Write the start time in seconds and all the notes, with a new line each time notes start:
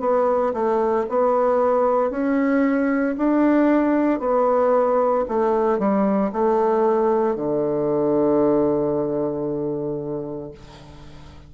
0.00 B3
0.53 A3
1.09 B3
2.10 C#4
3.17 D4
4.19 B3
5.28 A3
5.78 G3
6.32 A3
7.35 D3